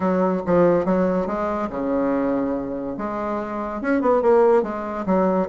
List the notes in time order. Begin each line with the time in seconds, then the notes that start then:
0.00 F#3
0.46 F3
0.85 F#3
1.26 G#3
1.70 C#3
2.97 G#3
3.81 C#4
4.01 B3
4.22 A#3
4.63 G#3
5.06 F#3